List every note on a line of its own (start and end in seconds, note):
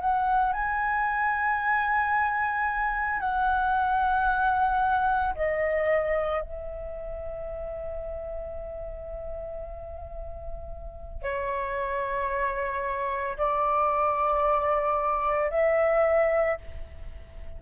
0.00 0.53 F#5
0.53 3.20 G#5
3.20 5.34 F#5
5.34 6.41 D#5
6.41 11.23 E5
11.23 13.37 C#5
13.37 15.50 D5
15.50 16.57 E5